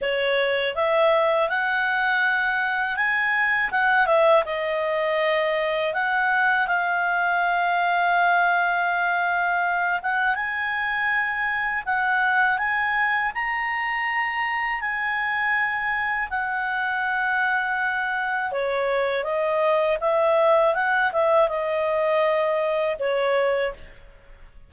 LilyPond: \new Staff \with { instrumentName = "clarinet" } { \time 4/4 \tempo 4 = 81 cis''4 e''4 fis''2 | gis''4 fis''8 e''8 dis''2 | fis''4 f''2.~ | f''4. fis''8 gis''2 |
fis''4 gis''4 ais''2 | gis''2 fis''2~ | fis''4 cis''4 dis''4 e''4 | fis''8 e''8 dis''2 cis''4 | }